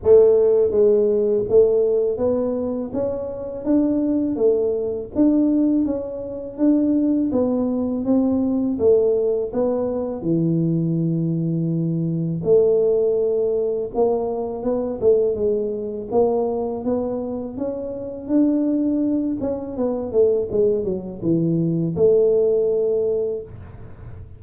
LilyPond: \new Staff \with { instrumentName = "tuba" } { \time 4/4 \tempo 4 = 82 a4 gis4 a4 b4 | cis'4 d'4 a4 d'4 | cis'4 d'4 b4 c'4 | a4 b4 e2~ |
e4 a2 ais4 | b8 a8 gis4 ais4 b4 | cis'4 d'4. cis'8 b8 a8 | gis8 fis8 e4 a2 | }